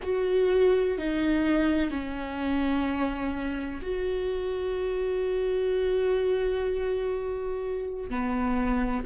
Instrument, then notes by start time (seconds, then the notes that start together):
viola
0.02 F#4
0.97 D#4
1.90 C#4
3.82 F#4
8.09 B3